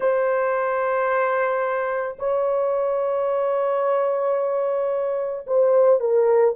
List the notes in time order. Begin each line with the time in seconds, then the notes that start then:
0.00 C5
2.18 C#5
5.46 C5
6.00 A#4